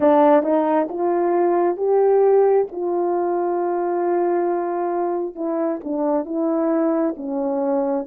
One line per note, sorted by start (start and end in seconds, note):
0.00 0.42 D4
0.42 0.87 D#4
0.89 1.76 F4
1.76 2.66 G4
2.71 5.35 F4
5.35 5.80 E4
5.84 6.25 D4
6.25 7.14 E4
7.16 8.06 C#4